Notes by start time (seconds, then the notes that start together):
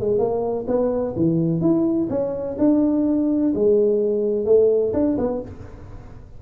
0.00 G#3
0.18 A#3
0.67 B3
1.16 E3
1.61 E4
2.10 C#4
2.58 D4
3.55 G#3
4.45 A3
4.93 D4
5.18 B3